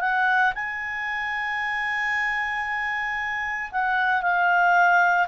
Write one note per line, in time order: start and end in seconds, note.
0.00 0.53 F#5
0.55 3.70 G#5
3.71 4.22 F#5
4.22 5.27 F5